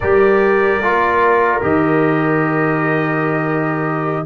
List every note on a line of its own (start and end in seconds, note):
0.00 0.80 G3
0.00 0.83 G4
0.00 4.25 A#4
0.00 1.62 D5
0.80 1.61 A#3
0.80 1.61 F4
1.61 4.25 D#3
1.61 4.24 G4
1.61 4.25 D#5